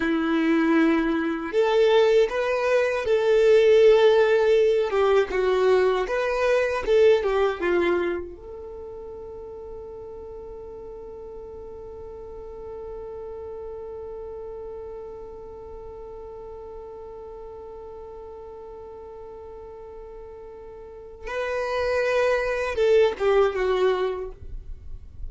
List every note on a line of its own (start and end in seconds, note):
0.00 1.52 E4
1.52 2.28 A4
2.29 3.05 B4
3.05 4.90 A4
4.90 5.28 G4
5.31 6.07 F#4
6.07 6.83 B4
6.86 7.23 A4
7.23 7.60 G4
7.60 8.36 F4
8.36 21.27 A4
21.27 22.75 B4
22.75 23.13 A4
23.18 23.55 G4
23.55 24.31 F#4